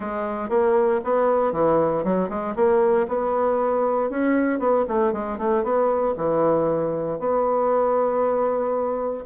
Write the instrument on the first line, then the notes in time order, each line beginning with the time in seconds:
bassoon
0.00 G#3
0.49 A#3
1.04 B3
1.52 E3
2.04 F#3
2.29 G#3
2.55 A#3
3.08 B3
4.09 C#4
4.59 B3
4.87 A3
5.12 G#3
5.38 A3
5.63 B3
6.17 E3
7.19 B3